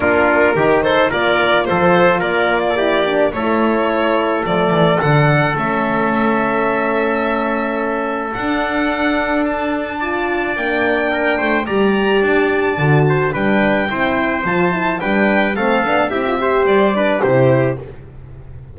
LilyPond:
<<
  \new Staff \with { instrumentName = "violin" } { \time 4/4 \tempo 4 = 108 ais'4. c''8 d''4 c''4 | d''2 cis''2 | d''4 fis''4 e''2~ | e''2. fis''4~ |
fis''4 a''2 g''4~ | g''4 ais''4 a''2 | g''2 a''4 g''4 | f''4 e''4 d''4 c''4 | }
  \new Staff \with { instrumentName = "trumpet" } { \time 4/4 f'4 g'8 a'8 ais'4 a'4 | ais'8. a'16 g'4 a'2~ | a'1~ | a'1~ |
a'2 d''2 | ais'8 c''8 d''2~ d''8 c''8 | b'4 c''2 b'4 | a'4 g'8 c''4 b'8 g'4 | }
  \new Staff \with { instrumentName = "horn" } { \time 4/4 d'4 dis'4 f'2~ | f'4 e'8 d'8 e'2 | a4 d'4 cis'2~ | cis'2. d'4~ |
d'2 f'4 d'4~ | d'4 g'2 fis'4 | d'4 e'4 f'8 e'8 d'4 | c'8 d'8 e'16 f'16 g'4 d'8 e'4 | }
  \new Staff \with { instrumentName = "double bass" } { \time 4/4 ais4 dis4 ais4 f4 | ais2 a2 | f8 e8 d4 a2~ | a2. d'4~ |
d'2. ais4~ | ais8 a8 g4 d'4 d4 | g4 c'4 f4 g4 | a8 b8 c'4 g4 c4 | }
>>